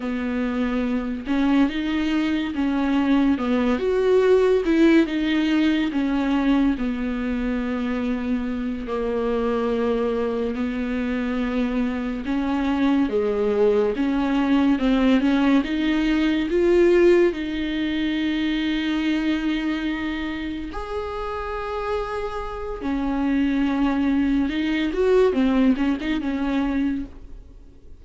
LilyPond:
\new Staff \with { instrumentName = "viola" } { \time 4/4 \tempo 4 = 71 b4. cis'8 dis'4 cis'4 | b8 fis'4 e'8 dis'4 cis'4 | b2~ b8 ais4.~ | ais8 b2 cis'4 gis8~ |
gis8 cis'4 c'8 cis'8 dis'4 f'8~ | f'8 dis'2.~ dis'8~ | dis'8 gis'2~ gis'8 cis'4~ | cis'4 dis'8 fis'8 c'8 cis'16 dis'16 cis'4 | }